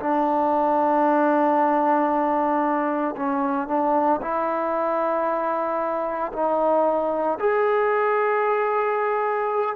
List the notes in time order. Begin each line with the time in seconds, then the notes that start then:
0.00 D4
3.17 C#4
3.68 D4
4.22 E4
6.33 D#4
7.40 G#4